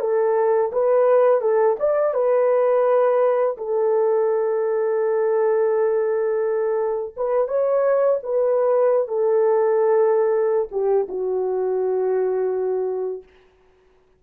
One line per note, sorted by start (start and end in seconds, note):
0.00 0.71 A4
0.72 1.41 B4
1.41 1.77 A4
1.80 2.14 D5
2.14 3.57 B4
3.57 7.15 A4
7.17 7.48 B4
7.48 8.19 C#5
8.23 9.08 B4
9.08 10.69 A4
10.71 11.07 G4
11.09 13.23 F#4